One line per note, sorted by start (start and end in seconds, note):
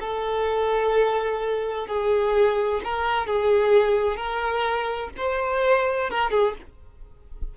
0.00 1.87 A4
1.87 2.81 G#4
2.84 3.27 A#4
3.27 4.17 G#4
4.17 5.11 A#4
5.17 6.11 C5
6.11 6.31 A#4
6.31 6.54 G#4